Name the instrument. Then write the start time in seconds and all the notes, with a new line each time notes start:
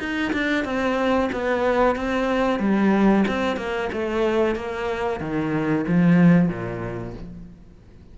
cello
0.00 D#4
0.33 D4
0.65 C4
1.33 B3
1.96 C4
2.60 G3
3.28 C4
3.57 A#3
3.93 A3
4.56 A#3
5.21 D#3
5.88 F3
6.49 A#2